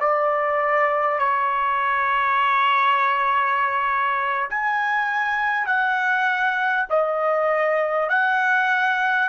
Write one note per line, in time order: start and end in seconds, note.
0.00 1.18 D5
1.18 4.48 C#5
4.50 5.66 G#5
5.66 6.86 F#5
6.89 8.09 D#5
8.09 9.29 F#5